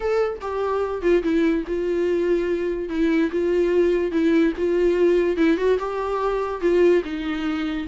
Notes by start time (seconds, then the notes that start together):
0.00 A4
0.41 G4
1.01 F4
1.23 E4
1.67 F4
2.89 E4
3.31 F4
4.11 E4
4.57 F4
5.36 E4
5.57 F#4
5.78 G4
6.61 F4
7.04 D#4